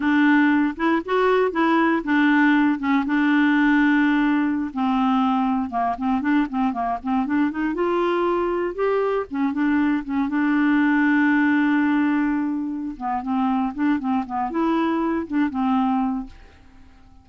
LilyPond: \new Staff \with { instrumentName = "clarinet" } { \time 4/4 \tempo 4 = 118 d'4. e'8 fis'4 e'4 | d'4. cis'8 d'2~ | d'4~ d'16 c'2 ais8 c'16~ | c'16 d'8 c'8 ais8 c'8 d'8 dis'8 f'8.~ |
f'4~ f'16 g'4 cis'8 d'4 cis'16~ | cis'16 d'2.~ d'8.~ | d'4. b8 c'4 d'8 c'8 | b8 e'4. d'8 c'4. | }